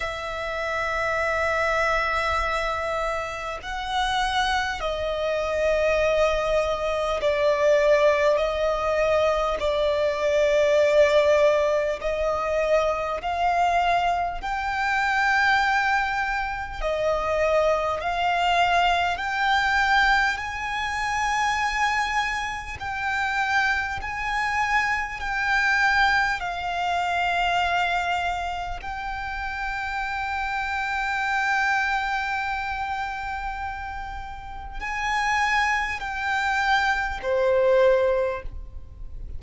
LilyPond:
\new Staff \with { instrumentName = "violin" } { \time 4/4 \tempo 4 = 50 e''2. fis''4 | dis''2 d''4 dis''4 | d''2 dis''4 f''4 | g''2 dis''4 f''4 |
g''4 gis''2 g''4 | gis''4 g''4 f''2 | g''1~ | g''4 gis''4 g''4 c''4 | }